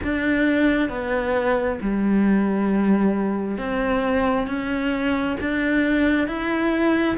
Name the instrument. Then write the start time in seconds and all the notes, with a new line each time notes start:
cello
0.03 D4
0.89 B3
1.81 G3
3.57 C4
4.47 C#4
5.40 D4
6.27 E4